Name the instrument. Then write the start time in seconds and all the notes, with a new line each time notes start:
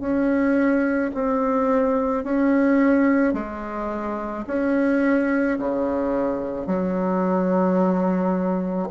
bassoon
0.00 C#4
1.14 C4
2.24 C#4
3.33 G#3
4.47 C#4
5.59 C#3
6.66 F#3